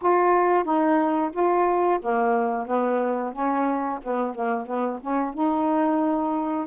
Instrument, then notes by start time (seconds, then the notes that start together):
saxophone
0.02 F4
0.64 D#4
1.32 F4
2.01 A#3
2.66 B3
3.32 C#4
4.03 B3
4.35 A#3
4.66 B3
5.01 C#4
5.34 D#4